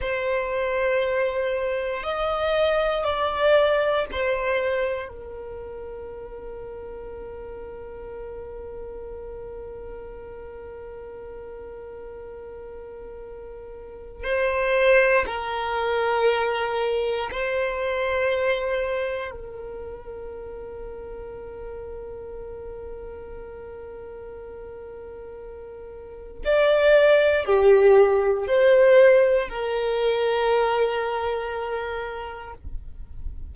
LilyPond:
\new Staff \with { instrumentName = "violin" } { \time 4/4 \tempo 4 = 59 c''2 dis''4 d''4 | c''4 ais'2.~ | ais'1~ | ais'2 c''4 ais'4~ |
ais'4 c''2 ais'4~ | ais'1~ | ais'2 d''4 g'4 | c''4 ais'2. | }